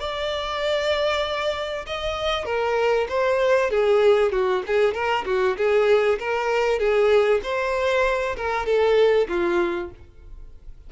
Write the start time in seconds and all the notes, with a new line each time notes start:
0.00 D5
1.86 D#5
2.45 A#4
3.09 C5
3.71 G#4
4.32 F#4
4.67 G#4
4.94 A#4
5.26 F#4
5.57 G#4
6.19 A#4
6.79 G#4
7.43 C5
8.36 A#4
8.66 A4
9.28 F4